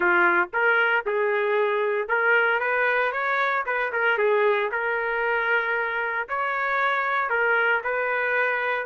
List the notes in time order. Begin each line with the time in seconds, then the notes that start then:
0.00 F4
0.53 A#4
1.06 G#4
2.08 A#4
2.60 B4
3.12 C#5
3.65 B4
3.92 A#4
4.18 G#4
4.71 A#4
6.28 C#5
7.29 A#4
7.83 B4